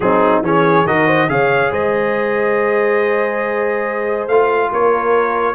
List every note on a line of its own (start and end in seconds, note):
0.00 0.41 F#3
0.00 0.43 C4
0.00 0.44 D#4
0.00 0.42 G#4
0.41 0.84 E3
0.41 0.86 C#4
0.41 0.87 G#4
0.41 0.86 C#5
0.85 1.28 D#3
0.85 1.29 F#4
0.85 1.06 A#4
0.85 1.29 D#5
1.06 1.28 C5
1.28 1.71 C#3
1.28 4.29 G#4
1.28 1.71 C#5
1.28 1.72 F5
1.71 4.27 G#3
1.71 4.71 C5
1.71 4.28 D#5
4.27 4.70 A3
4.27 5.54 F4
4.27 4.71 F5
4.72 5.54 A#3
4.72 5.54 A#4
4.72 5.54 C#5